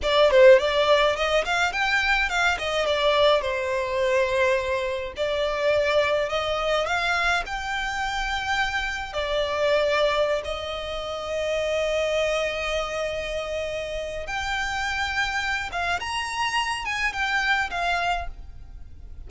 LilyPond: \new Staff \with { instrumentName = "violin" } { \time 4/4 \tempo 4 = 105 d''8 c''8 d''4 dis''8 f''8 g''4 | f''8 dis''8 d''4 c''2~ | c''4 d''2 dis''4 | f''4 g''2. |
d''2~ d''16 dis''4.~ dis''16~ | dis''1~ | dis''4 g''2~ g''8 f''8 | ais''4. gis''8 g''4 f''4 | }